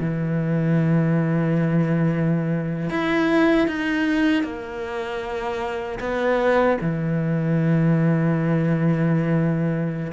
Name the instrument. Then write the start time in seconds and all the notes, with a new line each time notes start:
cello
0.00 E3
2.90 E4
3.67 D#4
4.43 A#3
6.00 B3
6.81 E3